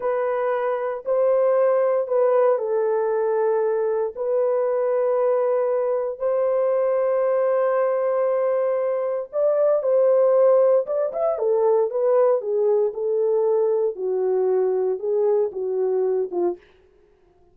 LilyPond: \new Staff \with { instrumentName = "horn" } { \time 4/4 \tempo 4 = 116 b'2 c''2 | b'4 a'2. | b'1 | c''1~ |
c''2 d''4 c''4~ | c''4 d''8 e''8 a'4 b'4 | gis'4 a'2 fis'4~ | fis'4 gis'4 fis'4. f'8 | }